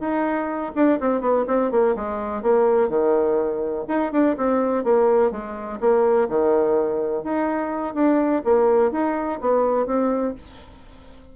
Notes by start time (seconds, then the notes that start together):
0.00 D#4
0.75 D4
1.00 C4
1.20 B3
1.47 C4
1.71 A#3
1.95 G#3
2.42 A#3
2.88 D#3
3.88 D#4
4.11 D4
4.37 C4
4.84 A#3
5.31 G#3
5.80 A#3
6.29 D#3
7.23 D#4
7.94 D4
8.44 A#3
8.91 D#4
9.41 B3
9.86 C4